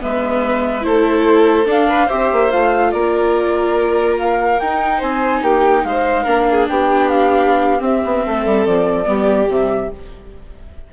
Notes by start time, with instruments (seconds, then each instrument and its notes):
0.00 bassoon G#3, viola B3, violin B4, flute E5
0.81 bassoon A3, viola E4, violin A4, flute C5
1.65 bassoon D4, viola D4, flute F5
1.89 violin B4
2.07 bassoon C4, viola G4, violin C5, flute E5
2.32 bassoon A#3
2.49 bassoon A3, viola F4, flute F5
2.91 bassoon A#3, violin A#4, flute D5
4.18 flute F5
4.59 viola D#4, bassoon D#4, flute G5
4.98 bassoon C4, violin C5, flute G#5
5.42 bassoon A#3, violin G4, flute G5
5.84 bassoon G#3, violin C5, flute F5
6.23 bassoon A#3, viola D4, violin A#4
6.50 violin G#4
6.68 bassoon B3, violin G4, flute G5
7.09 flute F5
7.79 viola C4, bassoon C4, flute E5
8.04 bassoon B3
8.24 bassoon A3, violin A4
8.45 bassoon G3
8.66 bassoon F3, flute D5
9.05 bassoon G3, viola B3, violin G4
9.47 bassoon C3, viola G3, flute E5